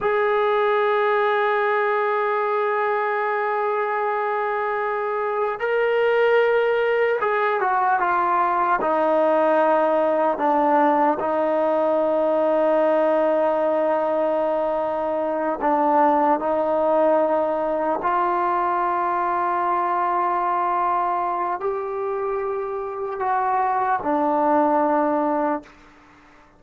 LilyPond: \new Staff \with { instrumentName = "trombone" } { \time 4/4 \tempo 4 = 75 gis'1~ | gis'2. ais'4~ | ais'4 gis'8 fis'8 f'4 dis'4~ | dis'4 d'4 dis'2~ |
dis'2.~ dis'8 d'8~ | d'8 dis'2 f'4.~ | f'2. g'4~ | g'4 fis'4 d'2 | }